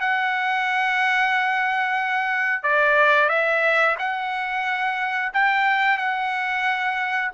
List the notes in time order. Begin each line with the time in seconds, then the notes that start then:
0.00 F#5
2.63 D5
3.29 E5
3.98 F#5
5.33 G5
5.98 F#5